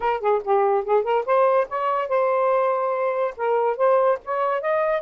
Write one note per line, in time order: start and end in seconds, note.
0.00 0.20 A#4
0.20 0.41 G#4
0.44 0.84 G4
0.84 1.03 G#4
1.03 1.24 A#4
1.25 1.67 C5
1.69 2.08 C#5
2.08 3.34 C5
3.36 3.76 A#4
3.76 4.18 C5
4.24 4.61 C#5
4.61 5.01 D#5